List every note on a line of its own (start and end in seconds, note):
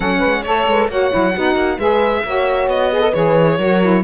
0.00 0.20 F#3
0.00 0.44 C#4
0.00 0.19 A4
0.00 0.43 F#5
0.19 0.45 G#3
0.19 0.41 B4
0.43 0.66 A3
0.43 0.90 A4
0.43 0.87 C#5
0.43 0.69 C#5
0.66 0.88 G#3
0.66 0.90 B4
0.88 1.10 A#3
0.88 1.10 F#4
0.88 1.34 C#5
0.88 1.79 F#5
1.10 1.36 F#3
1.10 1.33 E4
1.34 1.55 B3
1.34 1.79 D#4
1.34 1.77 F#4
1.55 1.77 A#3
1.77 2.23 G#3
1.77 2.24 G#4
1.77 2.22 B4
1.77 2.68 E5
2.24 2.67 A#3
2.24 2.93 F#4
2.24 2.93 C#5
2.67 3.12 B3
2.67 3.13 D#5
2.93 3.00 G#4
2.93 3.58 B4
3.00 3.11 A4
3.13 3.58 E3
3.13 3.59 G#4
3.13 4.03 C#5
3.58 4.03 F#3
3.58 3.82 F#4
3.58 4.03 A#4
3.82 4.03 E4